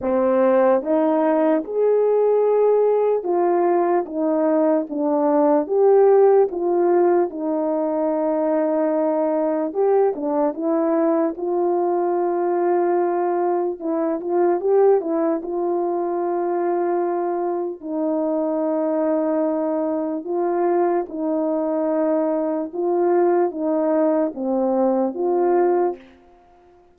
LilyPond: \new Staff \with { instrumentName = "horn" } { \time 4/4 \tempo 4 = 74 c'4 dis'4 gis'2 | f'4 dis'4 d'4 g'4 | f'4 dis'2. | g'8 d'8 e'4 f'2~ |
f'4 e'8 f'8 g'8 e'8 f'4~ | f'2 dis'2~ | dis'4 f'4 dis'2 | f'4 dis'4 c'4 f'4 | }